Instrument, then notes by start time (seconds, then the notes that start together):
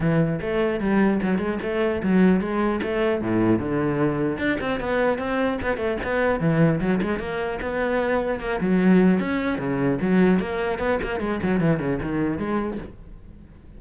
cello
0.00 E3
0.41 A3
0.79 G3
1.22 F#3
1.38 G#3
1.62 A3
2.02 F#3
2.40 G#3
2.82 A3
3.21 A2
3.59 D3
4.37 D4
4.60 C4
4.80 B3
5.18 C4
5.61 B3
5.77 A3
6.03 B3
6.39 E3
6.80 F#3
7.02 G#3
7.19 A#3
7.61 B3
8.40 A#3
8.61 F#3
9.19 C#4
9.58 C#3
10.01 F#3
10.39 A#3
10.78 B3
11.02 A#3
11.19 G#3
11.42 F#3
11.60 E3
11.79 C#3
12.02 D#3
12.37 G#3